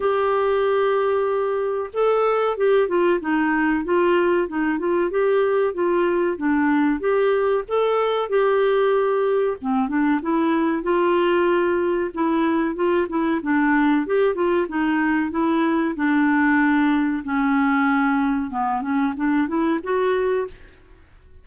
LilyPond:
\new Staff \with { instrumentName = "clarinet" } { \time 4/4 \tempo 4 = 94 g'2. a'4 | g'8 f'8 dis'4 f'4 dis'8 f'8 | g'4 f'4 d'4 g'4 | a'4 g'2 c'8 d'8 |
e'4 f'2 e'4 | f'8 e'8 d'4 g'8 f'8 dis'4 | e'4 d'2 cis'4~ | cis'4 b8 cis'8 d'8 e'8 fis'4 | }